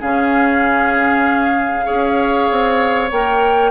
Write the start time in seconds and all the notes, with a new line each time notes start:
0.00 C#3 C#4 G#4 F5
1.85 C#4 G#4 C#5
2.51 C4
3.12 A#3 A#4 G5